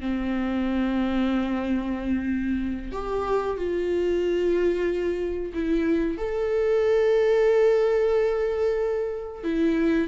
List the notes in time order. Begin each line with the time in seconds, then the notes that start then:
0.00 C4
2.91 G4
3.57 F4
5.53 E4
6.17 A4
9.43 E4